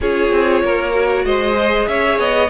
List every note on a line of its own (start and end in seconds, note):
0.00 0.31 C#4
0.00 0.92 F4
0.00 0.62 G#4
0.00 1.25 C#5
0.31 0.62 C4
0.62 1.24 A#3
0.62 1.25 A#4
0.92 1.54 F#4
1.24 1.87 G#3
1.24 1.88 C5
1.24 1.87 D#5
1.57 2.49 G#4
1.87 2.18 C#4
1.87 2.49 C#5
1.87 2.18 E5
2.18 2.49 B3
2.18 2.49 D#5